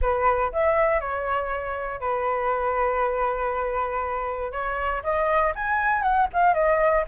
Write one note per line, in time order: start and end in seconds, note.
0.01 0.52 B4
0.52 1.00 E5
1.00 2.00 C#5
2.00 4.52 B4
4.52 5.02 C#5
5.03 5.53 D#5
5.55 6.02 G#5
6.02 6.27 F#5
6.33 6.54 F5
6.54 7.04 D#5